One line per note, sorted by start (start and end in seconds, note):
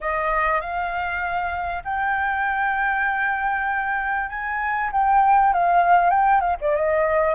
0.00 0.60 D#5
0.60 1.83 F5
1.84 4.29 G5
4.29 4.90 G#5
4.92 5.53 G5
5.53 6.10 F5
6.10 6.40 G5
6.40 6.56 F5
6.61 6.75 D5
6.75 7.34 D#5